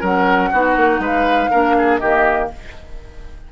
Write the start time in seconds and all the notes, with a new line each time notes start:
0.00 F#3 C#4 A#4 F#5
0.51 B3 D#4 F#4
0.76 A#3
0.99 G#3 B4
1.05 F5
1.51 A#3 D4 A#4
1.78 G#4
1.98 D#3 A#3 G4 D#5